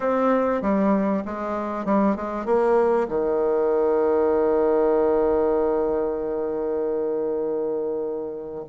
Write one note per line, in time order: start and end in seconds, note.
0.00 0.61 C4
0.61 1.23 G3
1.25 1.85 G#3
1.85 2.16 G3
2.16 2.45 G#3
2.45 3.07 A#3
3.08 8.65 D#3